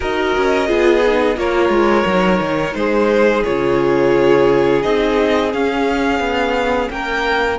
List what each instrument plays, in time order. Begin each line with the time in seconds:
0.00 cello D#4, viola F#4, violin A#4 D#5
0.36 cello C#4
0.67 cello B3, viola F4, violin G#4
1.06 viola D#4
1.35 cello A#3, viola F4, violin A#4 C#5
1.69 cello G#3
2.05 cello F#3, viola D#4
2.40 cello D#3
2.74 cello G#3, violin G#4 C5
3.44 cello C#3, viola F4, violin C#5
4.82 cello C4, viola D#4, violin D#5
5.52 viola C#4, cello C#4, violin F5
6.19 cello B3
6.90 cello A#3, violin A#4 G5